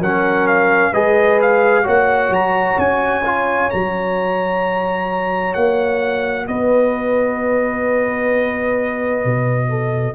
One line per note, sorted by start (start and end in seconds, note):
0.00 0.92 F#3
0.00 0.94 C#4
0.00 0.92 A#4
0.00 0.48 F#5
0.48 0.94 F5
0.92 1.86 G#3
0.92 1.84 G#4
0.92 1.84 B4
0.92 1.40 D#5
1.42 1.88 F5
1.84 2.30 A#3
1.84 3.23 F#4
1.84 6.46 C#5
1.84 2.34 F#5
2.30 2.76 F#3
2.30 2.80 A#5
2.78 3.71 C#4
2.78 3.71 G#5
3.25 3.71 F4
3.71 5.55 F#3
3.71 10.15 F#4
3.71 5.54 A#5
5.54 6.48 A#3
5.54 6.47 F#5
6.48 9.25 B3
6.48 9.70 B4
6.48 10.15 D#5
9.25 10.15 B2
9.70 10.15 A4